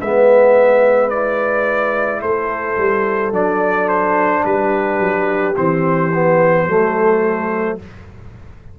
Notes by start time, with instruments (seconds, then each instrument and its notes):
0.00 tuba G#3, trombone B3, horn B4, trumpet E5
1.10 trombone E4, trumpet D5
2.22 tuba A3, horn A4, trumpet C5
2.78 tuba G3
3.33 tuba F#3, trombone D4, trumpet D5
3.89 trumpet C5
4.45 tuba G3, horn G4, trumpet B4
5.00 tuba F#3
5.56 tuba E3, trombone C4, trumpet C5
6.14 trombone B3
6.67 tuba F#3, trombone A3, horn A4